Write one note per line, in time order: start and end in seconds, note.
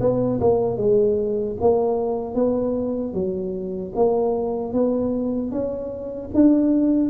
0.00 0.39 B3
0.40 0.77 A#3
0.77 1.56 G#3
1.61 2.35 A#3
2.35 3.14 B3
3.14 3.92 F#3
3.95 4.73 A#3
4.73 5.51 B3
5.51 6.30 C#4
6.34 7.09 D4